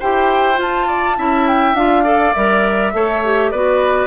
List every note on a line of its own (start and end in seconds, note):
0.00 0.60 E4
0.00 0.55 G4
0.00 0.87 C5
0.00 0.60 G5
0.55 1.14 F4
0.55 1.19 F4
0.62 1.48 A5
0.87 1.17 D5
1.18 1.74 C#4
1.18 1.76 E4
1.18 2.04 E5
1.48 1.76 G5
1.74 2.33 D4
1.74 2.05 F4
1.74 2.34 F5
2.04 2.34 A4
2.04 2.92 D5
2.34 2.94 G3
2.34 2.94 A#4
2.34 3.51 E5
2.94 3.52 A3
2.94 3.23 A4
2.94 3.52 C#5
3.25 3.54 G4
3.51 4.07 B3
3.51 4.07 F#4
3.51 4.07 B4
3.51 4.07 D5